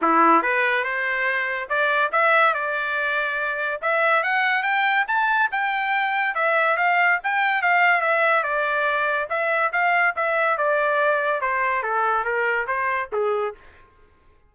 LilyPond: \new Staff \with { instrumentName = "trumpet" } { \time 4/4 \tempo 4 = 142 e'4 b'4 c''2 | d''4 e''4 d''2~ | d''4 e''4 fis''4 g''4 | a''4 g''2 e''4 |
f''4 g''4 f''4 e''4 | d''2 e''4 f''4 | e''4 d''2 c''4 | a'4 ais'4 c''4 gis'4 | }